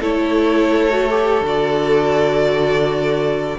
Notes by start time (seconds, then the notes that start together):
0.00 A3 E4 A4 C#5
0.89 F#4
1.10 G4
1.40 D3 F#4
1.47 D5